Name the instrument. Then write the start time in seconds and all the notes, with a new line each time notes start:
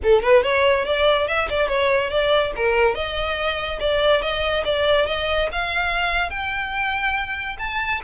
violin
0.03 A4
0.22 B4
0.43 C#5
0.85 D5
1.27 E5
1.49 D5
1.67 C#5
2.10 D5
2.55 A#4
2.94 D#5
3.80 D5
4.22 D#5
4.64 D5
5.06 D#5
5.51 F5
6.30 G5
7.58 A5